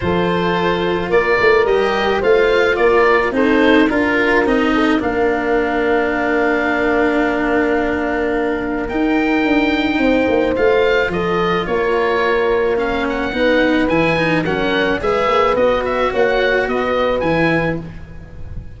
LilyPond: <<
  \new Staff \with { instrumentName = "oboe" } { \time 4/4 \tempo 4 = 108 c''2 d''4 dis''4 | f''4 d''4 c''4 ais'4 | dis''4 f''2.~ | f''1 |
g''2. f''4 | dis''4 cis''2 f''8 fis''8~ | fis''4 gis''4 fis''4 e''4 | dis''8 e''8 fis''4 dis''4 gis''4 | }
  \new Staff \with { instrumentName = "horn" } { \time 4/4 a'2 ais'2 | c''4 ais'4 a'4 ais'4~ | ais'8 a'8 ais'2.~ | ais'1~ |
ais'2 c''2 | a'4 ais'2. | b'2 ais'4 b'4~ | b'4 cis''4 b'2 | }
  \new Staff \with { instrumentName = "cello" } { \time 4/4 f'2. g'4 | f'2 dis'4 f'4 | dis'4 d'2.~ | d'1 |
dis'2. f'4~ | f'2. cis'4 | dis'4 e'8 dis'8 cis'4 gis'4 | fis'2. e'4 | }
  \new Staff \with { instrumentName = "tuba" } { \time 4/4 f2 ais8 a8 g4 | a4 ais4 c'4 d'4 | c'4 ais2.~ | ais1 |
dis'4 d'4 c'8 ais8 a4 | f4 ais2. | b4 e4 fis4 gis8 ais8 | b4 ais4 b4 e4 | }
>>